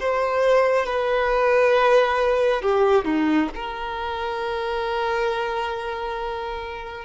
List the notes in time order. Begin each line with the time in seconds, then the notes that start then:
0.00 C5
0.86 B4
2.62 G4
3.04 D#4
3.55 A#4